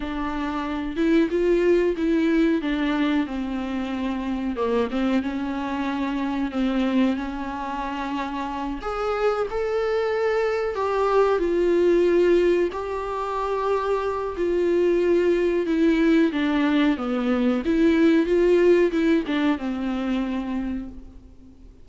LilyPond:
\new Staff \with { instrumentName = "viola" } { \time 4/4 \tempo 4 = 92 d'4. e'8 f'4 e'4 | d'4 c'2 ais8 c'8 | cis'2 c'4 cis'4~ | cis'4. gis'4 a'4.~ |
a'8 g'4 f'2 g'8~ | g'2 f'2 | e'4 d'4 b4 e'4 | f'4 e'8 d'8 c'2 | }